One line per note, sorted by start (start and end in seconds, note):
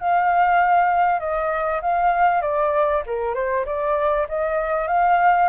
0.00 1.20 F5
1.20 1.81 D#5
1.82 2.42 F5
2.42 3.03 D5
3.06 3.35 A#4
3.35 3.65 C5
3.66 4.27 D5
4.29 4.88 D#5
4.88 5.49 F5